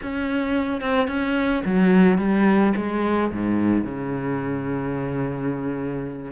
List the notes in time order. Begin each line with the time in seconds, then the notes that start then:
0.02 C#4
0.81 C4
1.07 C#4
1.65 F#3
2.18 G3
2.76 G#3
3.32 G#2
3.84 C#3